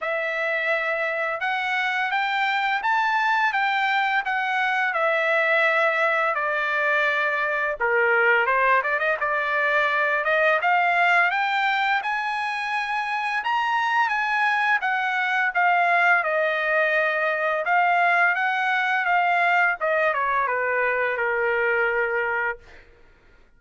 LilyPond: \new Staff \with { instrumentName = "trumpet" } { \time 4/4 \tempo 4 = 85 e''2 fis''4 g''4 | a''4 g''4 fis''4 e''4~ | e''4 d''2 ais'4 | c''8 d''16 dis''16 d''4. dis''8 f''4 |
g''4 gis''2 ais''4 | gis''4 fis''4 f''4 dis''4~ | dis''4 f''4 fis''4 f''4 | dis''8 cis''8 b'4 ais'2 | }